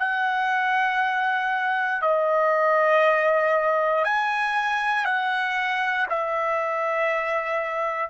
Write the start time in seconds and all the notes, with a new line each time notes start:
0.00 F#5
2.02 D#5
4.05 G#5
5.05 F#5
6.10 E5